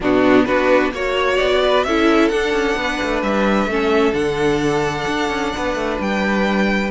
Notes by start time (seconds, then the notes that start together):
0.00 B2 B3 D4 F#4
0.45 B3 D4 F#4 B4
0.92 A#3 F#4 C#5
1.37 B3 D5
1.62 B4
1.83 C#4 E4 A4 E5
2.28 D4 F#5
2.52 C#4
2.76 B3 B4
3.02 A3
3.22 G3 E5
3.66 A3 C#4 A4
4.13 D3 D4 F#5
5.07 D4
5.29 C#4
5.56 B3 B4
5.74 A3
5.99 G3 G5